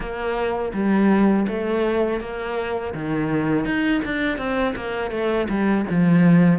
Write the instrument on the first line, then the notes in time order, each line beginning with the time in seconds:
cello
0.00 A#3
0.73 G3
1.48 A3
2.20 A#3
2.93 D#3
3.65 D#4
4.04 D4
4.37 C4
4.75 A#3
5.11 A3
5.49 G3
5.90 F3